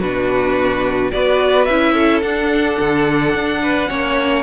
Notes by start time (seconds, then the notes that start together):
0.00 B2 D4 F#4 B4
1.12 B3 F#4 B4 D5
1.65 C#4 E4 E5
1.93 A4
2.22 D4 F#5
2.80 D3
3.34 D4
3.63 B4
3.89 A#3 C#4 C#5